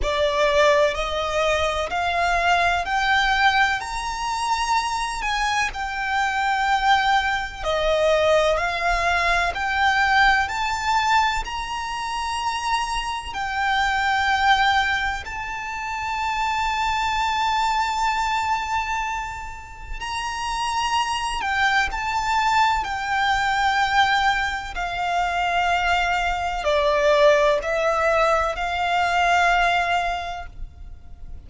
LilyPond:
\new Staff \with { instrumentName = "violin" } { \time 4/4 \tempo 4 = 63 d''4 dis''4 f''4 g''4 | ais''4. gis''8 g''2 | dis''4 f''4 g''4 a''4 | ais''2 g''2 |
a''1~ | a''4 ais''4. g''8 a''4 | g''2 f''2 | d''4 e''4 f''2 | }